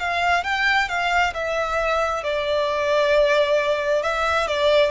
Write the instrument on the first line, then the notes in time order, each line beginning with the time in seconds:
violin
0.00 F5
0.44 G5
0.89 F5
1.34 E5
2.24 D5
4.03 E5
4.48 D5